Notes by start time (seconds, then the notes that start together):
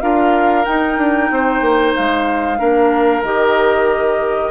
0.00 D4 F4 A#4 F5
0.64 D#4 G5
0.97 D4
1.30 C4 C5
1.61 A#3
1.95 G#3 F5
2.57 A#3 D4 A#4
3.22 D#3 G4 D#5